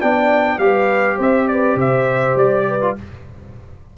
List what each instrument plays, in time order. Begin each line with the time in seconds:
0.00 tuba B3, trombone D4, horn D5, trumpet G5
0.58 tuba G3, trombone G4, horn B4, trumpet F5
1.16 tuba C4, horn C5, trumpet E5
1.48 horn B4, trumpet D5
1.75 tuba C3, horn C5, trumpet E5
2.35 tuba G3, trumpet D5
2.68 horn B4
2.81 trombone F4